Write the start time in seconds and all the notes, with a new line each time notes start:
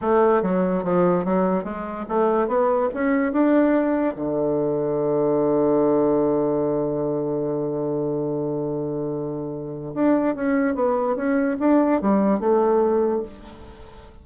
0.01 A3
0.42 F#3
0.83 F3
1.24 F#3
1.64 G#3
2.08 A3
2.47 B3
2.94 C#4
3.32 D4
4.15 D3
9.94 D4
10.35 C#4
10.74 B3
11.16 C#4
11.59 D4
12.01 G3
12.39 A3